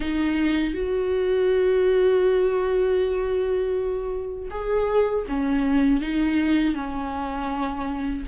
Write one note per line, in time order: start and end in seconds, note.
0.00 0.74 D#4
0.74 4.49 F#4
4.50 5.25 G#4
5.28 6.00 C#4
6.00 6.75 D#4
6.75 8.25 C#4